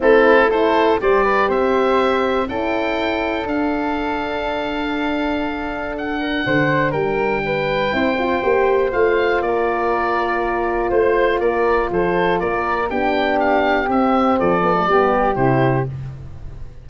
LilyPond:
<<
  \new Staff \with { instrumentName = "oboe" } { \time 4/4 \tempo 4 = 121 a'4 c''4 d''4 e''4~ | e''4 g''2 f''4~ | f''1 | fis''2 g''2~ |
g''2 f''4 d''4~ | d''2 c''4 d''4 | c''4 d''4 g''4 f''4 | e''4 d''2 c''4 | }
  \new Staff \with { instrumentName = "flute" } { \time 4/4 e'4 a'4 c''8 b'8 c''4~ | c''4 a'2.~ | a'1~ | a'8 ais'8 c''4 ais'4 b'4 |
c''2. ais'4~ | ais'2 c''4 ais'4 | a'4 ais'4 g'2~ | g'4 a'4 g'2 | }
  \new Staff \with { instrumentName = "horn" } { \time 4/4 c'4 e'4 g'2~ | g'4 e'2 d'4~ | d'1~ | d'1 |
e'8 f'8 g'4 f'2~ | f'1~ | f'2 d'2 | c'4. b16 a16 b4 e'4 | }
  \new Staff \with { instrumentName = "tuba" } { \time 4/4 a2 g4 c'4~ | c'4 cis'2 d'4~ | d'1~ | d'4 d4 g2 |
c'4 ais4 a4 ais4~ | ais2 a4 ais4 | f4 ais4 b2 | c'4 f4 g4 c4 | }
>>